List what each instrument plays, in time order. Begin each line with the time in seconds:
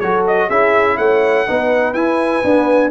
0.00 tuba F#3, trombone F#4, horn A4, trumpet C#5
0.28 trumpet D#5
0.48 tuba C#4, trombone E4, horn G#4, trumpet E5
0.98 tuba A3, horn C#5, trumpet F#5
1.47 tuba B3, trombone D#4, horn B4
1.94 tuba E4, trombone E4, trumpet G#5
2.44 trombone B3, tuba D4